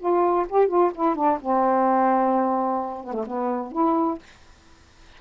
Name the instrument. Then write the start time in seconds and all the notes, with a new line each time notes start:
saxophone
0.00 F4
0.49 G4
0.68 F4
0.95 E4
1.16 D4
1.41 C4
3.04 B3
3.14 A3
3.27 B3
3.72 E4